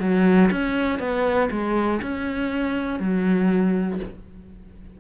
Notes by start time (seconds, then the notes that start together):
0.00 F#3
0.51 C#4
0.99 B3
1.51 G#3
2.02 C#4
3.00 F#3